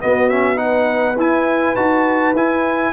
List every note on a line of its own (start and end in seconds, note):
0.00 0.29 B3
0.00 1.17 B3
0.00 0.60 F#4
0.00 0.29 D#5
0.29 0.56 C#4
0.29 0.58 E5
0.56 1.15 D#4
0.56 2.93 B4
0.56 1.17 F#5
1.17 1.76 E4
1.17 1.76 G#5
1.76 2.34 D#4
1.76 2.35 F#4
1.76 2.35 A5
2.34 2.93 E4
2.34 2.93 G#5